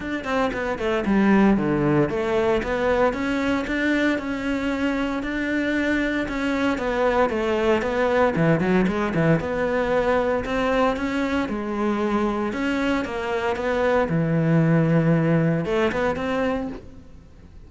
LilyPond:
\new Staff \with { instrumentName = "cello" } { \time 4/4 \tempo 4 = 115 d'8 c'8 b8 a8 g4 d4 | a4 b4 cis'4 d'4 | cis'2 d'2 | cis'4 b4 a4 b4 |
e8 fis8 gis8 e8 b2 | c'4 cis'4 gis2 | cis'4 ais4 b4 e4~ | e2 a8 b8 c'4 | }